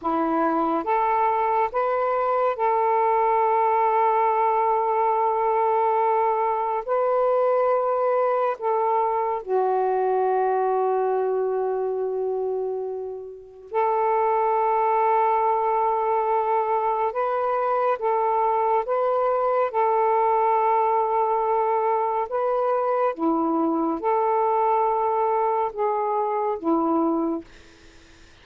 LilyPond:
\new Staff \with { instrumentName = "saxophone" } { \time 4/4 \tempo 4 = 70 e'4 a'4 b'4 a'4~ | a'1 | b'2 a'4 fis'4~ | fis'1 |
a'1 | b'4 a'4 b'4 a'4~ | a'2 b'4 e'4 | a'2 gis'4 e'4 | }